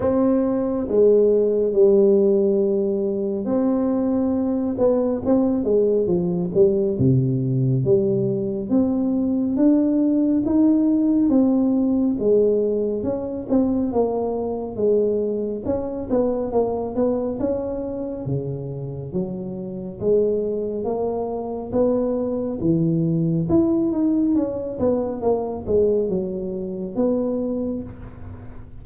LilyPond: \new Staff \with { instrumentName = "tuba" } { \time 4/4 \tempo 4 = 69 c'4 gis4 g2 | c'4. b8 c'8 gis8 f8 g8 | c4 g4 c'4 d'4 | dis'4 c'4 gis4 cis'8 c'8 |
ais4 gis4 cis'8 b8 ais8 b8 | cis'4 cis4 fis4 gis4 | ais4 b4 e4 e'8 dis'8 | cis'8 b8 ais8 gis8 fis4 b4 | }